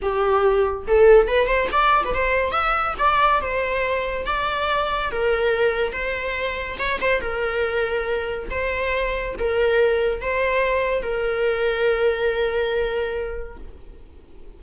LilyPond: \new Staff \with { instrumentName = "viola" } { \time 4/4 \tempo 4 = 141 g'2 a'4 b'8 c''8 | d''8. b'16 c''4 e''4 d''4 | c''2 d''2 | ais'2 c''2 |
cis''8 c''8 ais'2. | c''2 ais'2 | c''2 ais'2~ | ais'1 | }